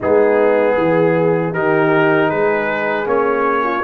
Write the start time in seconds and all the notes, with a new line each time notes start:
0.00 G#3 B3 D#4 G#4
0.76 E3 G#4
1.52 D#3 D#4 G4 A#4
2.29 G#3 G#4 B4
3.06 A#3 C#4 C#5
3.63 F4